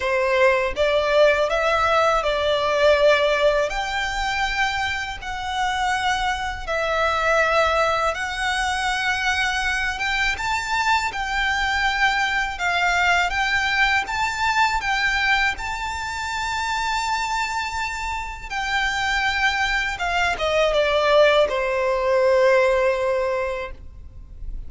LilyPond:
\new Staff \with { instrumentName = "violin" } { \time 4/4 \tempo 4 = 81 c''4 d''4 e''4 d''4~ | d''4 g''2 fis''4~ | fis''4 e''2 fis''4~ | fis''4. g''8 a''4 g''4~ |
g''4 f''4 g''4 a''4 | g''4 a''2.~ | a''4 g''2 f''8 dis''8 | d''4 c''2. | }